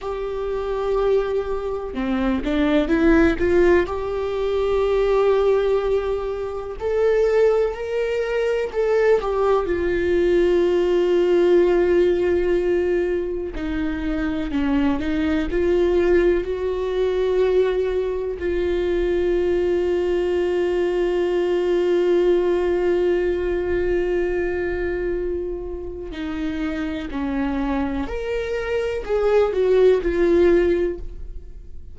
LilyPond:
\new Staff \with { instrumentName = "viola" } { \time 4/4 \tempo 4 = 62 g'2 c'8 d'8 e'8 f'8 | g'2. a'4 | ais'4 a'8 g'8 f'2~ | f'2 dis'4 cis'8 dis'8 |
f'4 fis'2 f'4~ | f'1~ | f'2. dis'4 | cis'4 ais'4 gis'8 fis'8 f'4 | }